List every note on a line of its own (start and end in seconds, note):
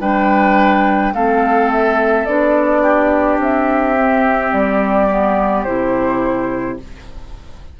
0.00 1.13 G3
0.00 1.14 D4
0.00 1.14 B4
0.00 1.14 G5
1.13 2.26 A3
1.13 2.29 C4
1.13 2.83 A4
1.13 1.71 F5
1.72 2.25 E5
2.25 3.38 B3
2.25 3.98 D4
2.25 3.39 D5
2.83 6.79 G4
3.38 4.51 C4
3.38 4.53 E5
3.98 5.10 C4
4.53 5.66 G3
4.53 5.64 D5
5.10 5.67 B3
5.64 6.80 C3
5.64 6.80 E4
5.64 6.77 C5